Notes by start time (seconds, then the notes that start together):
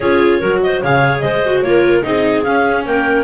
0.00 C#4 F4 G#4 C#5
0.39 F#3 F#4 A#4
0.62 C5 D#5
0.82 C#3 G#4 C#5 F5
1.19 G#3 C5 D#5
1.45 F#4
1.61 A#3 F4 A#4 C#5
2.02 C4 D#4 G#4 D#5
2.43 C#4 F5
2.85 A#3 A#4 G5